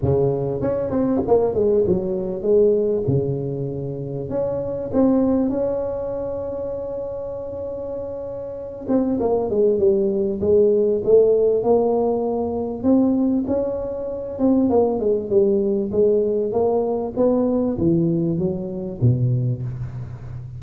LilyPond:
\new Staff \with { instrumentName = "tuba" } { \time 4/4 \tempo 4 = 98 cis4 cis'8 c'8 ais8 gis8 fis4 | gis4 cis2 cis'4 | c'4 cis'2.~ | cis'2~ cis'8 c'8 ais8 gis8 |
g4 gis4 a4 ais4~ | ais4 c'4 cis'4. c'8 | ais8 gis8 g4 gis4 ais4 | b4 e4 fis4 b,4 | }